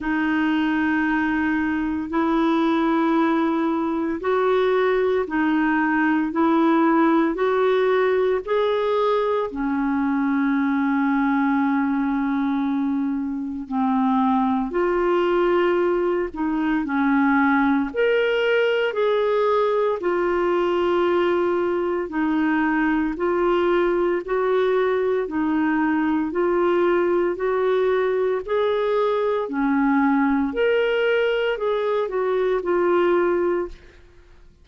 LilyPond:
\new Staff \with { instrumentName = "clarinet" } { \time 4/4 \tempo 4 = 57 dis'2 e'2 | fis'4 dis'4 e'4 fis'4 | gis'4 cis'2.~ | cis'4 c'4 f'4. dis'8 |
cis'4 ais'4 gis'4 f'4~ | f'4 dis'4 f'4 fis'4 | dis'4 f'4 fis'4 gis'4 | cis'4 ais'4 gis'8 fis'8 f'4 | }